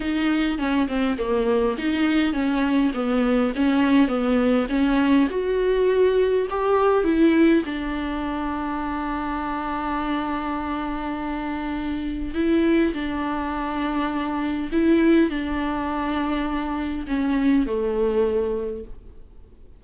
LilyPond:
\new Staff \with { instrumentName = "viola" } { \time 4/4 \tempo 4 = 102 dis'4 cis'8 c'8 ais4 dis'4 | cis'4 b4 cis'4 b4 | cis'4 fis'2 g'4 | e'4 d'2.~ |
d'1~ | d'4 e'4 d'2~ | d'4 e'4 d'2~ | d'4 cis'4 a2 | }